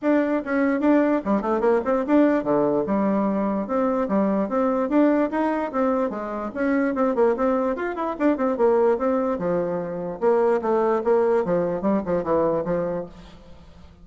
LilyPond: \new Staff \with { instrumentName = "bassoon" } { \time 4/4 \tempo 4 = 147 d'4 cis'4 d'4 g8 a8 | ais8 c'8 d'4 d4 g4~ | g4 c'4 g4 c'4 | d'4 dis'4 c'4 gis4 |
cis'4 c'8 ais8 c'4 f'8 e'8 | d'8 c'8 ais4 c'4 f4~ | f4 ais4 a4 ais4 | f4 g8 f8 e4 f4 | }